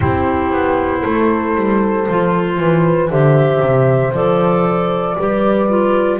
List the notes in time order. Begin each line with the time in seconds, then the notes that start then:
0.00 C4 E4 G4 C5
0.51 B3
1.02 A3 A4
1.55 G3
2.08 F3 F4
2.59 E3 B4
3.09 D3 G4 C5 E5
3.60 C3
4.12 F3 A4 D5
5.18 G3 G4 B4
5.68 F4